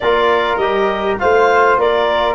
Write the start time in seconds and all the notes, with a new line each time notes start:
0.00 A#3 F4 A#4 D5
0.56 G3 G4 D#5
1.19 A3 F4 C5 F5
1.77 A#3 A#4 D5